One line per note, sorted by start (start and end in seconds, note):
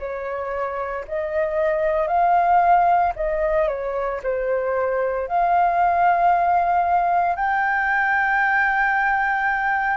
0.00 1.05 C#5
1.09 2.08 D#5
2.08 3.13 F5
3.16 3.68 D#5
3.68 4.21 C#5
4.23 5.28 C5
5.28 7.36 F5
7.36 9.98 G5